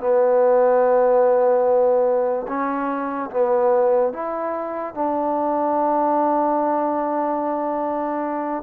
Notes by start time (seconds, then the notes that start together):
0.00 B3
2.48 C#4
3.31 B3
4.13 E4
4.95 D4